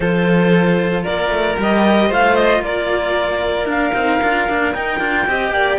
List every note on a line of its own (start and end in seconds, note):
0.00 1.05 F3
0.00 1.57 F4
0.00 1.03 A4
0.00 1.04 C5
1.03 1.29 A#3
1.03 2.08 A#4
1.03 1.57 D5
1.29 1.55 A3
1.57 2.11 G3
1.57 2.09 G4
1.57 2.13 D#5
2.08 2.59 A3
2.08 3.65 F4
2.08 2.60 C5
2.08 2.35 F5
2.35 2.61 D#5
2.59 3.91 A#3
2.59 5.28 A#4
2.59 3.68 D5
3.65 3.91 D4
3.65 4.73 F5
3.94 4.20 C4
3.94 4.20 D#4
4.21 4.48 D4
4.21 4.48 F4
4.48 4.74 A#3
4.48 4.75 D4
4.73 4.99 D#4
4.73 5.00 D#4
4.73 5.78 G5
4.99 5.25 D4
4.99 5.26 F4
5.27 5.51 C4
5.27 5.78 G4
5.27 5.53 D#5
5.51 5.77 A#3
5.51 5.78 D5